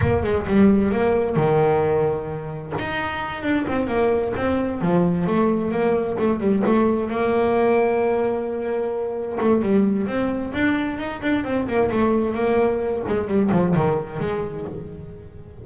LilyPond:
\new Staff \with { instrumentName = "double bass" } { \time 4/4 \tempo 4 = 131 ais8 gis8 g4 ais4 dis4~ | dis2 dis'4. d'8 | c'8 ais4 c'4 f4 a8~ | a8 ais4 a8 g8 a4 ais8~ |
ais1~ | ais8 a8 g4 c'4 d'4 | dis'8 d'8 c'8 ais8 a4 ais4~ | ais8 gis8 g8 f8 dis4 gis4 | }